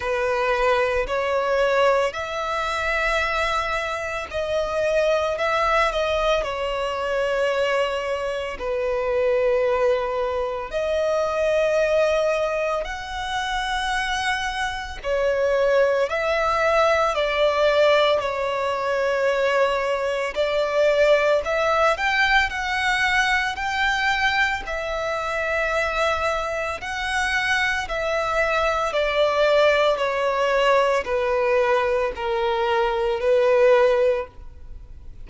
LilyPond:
\new Staff \with { instrumentName = "violin" } { \time 4/4 \tempo 4 = 56 b'4 cis''4 e''2 | dis''4 e''8 dis''8 cis''2 | b'2 dis''2 | fis''2 cis''4 e''4 |
d''4 cis''2 d''4 | e''8 g''8 fis''4 g''4 e''4~ | e''4 fis''4 e''4 d''4 | cis''4 b'4 ais'4 b'4 | }